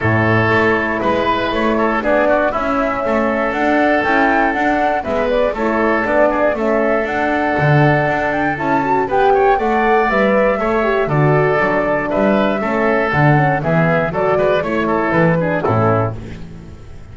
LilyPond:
<<
  \new Staff \with { instrumentName = "flute" } { \time 4/4 \tempo 4 = 119 cis''2 b'4 cis''4 | d''4 e''2 fis''4 | g''4 fis''4 e''8 d''8 cis''4 | d''4 e''4 fis''2~ |
fis''8 g''8 a''4 g''4 fis''4 | e''2 d''2 | e''2 fis''4 e''4 | d''4 cis''4 b'4 a'4 | }
  \new Staff \with { instrumentName = "oboe" } { \time 4/4 a'2 b'4. a'8 | gis'8 fis'8 e'4 a'2~ | a'2 b'4 a'4~ | a'8 gis'8 a'2.~ |
a'2 b'8 cis''8 d''4~ | d''4 cis''4 a'2 | b'4 a'2 gis'4 | a'8 b'8 cis''8 a'4 gis'8 e'4 | }
  \new Staff \with { instrumentName = "horn" } { \time 4/4 e'1 | d'4 cis'2 d'4 | e'4 d'4 b4 e'4 | d'4 cis'4 d'2~ |
d'4 e'8 fis'8 g'4 a'4 | b'4 a'8 g'8 fis'4 d'4~ | d'4 cis'4 d'8 cis'8 b4 | fis'4 e'4. d'8 cis'4 | }
  \new Staff \with { instrumentName = "double bass" } { \time 4/4 a,4 a4 gis4 a4 | b4 cis'4 a4 d'4 | cis'4 d'4 gis4 a4 | b4 a4 d'4 d4 |
d'4 cis'4 b4 a4 | g4 a4 d4 fis4 | g4 a4 d4 e4 | fis8 gis8 a4 e4 a,4 | }
>>